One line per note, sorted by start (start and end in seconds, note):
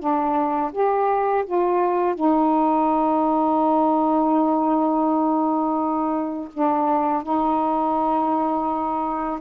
0.00 0.72 D4
0.73 1.45 G4
1.47 2.15 F4
2.15 6.49 D#4
6.54 7.23 D4
7.23 9.40 D#4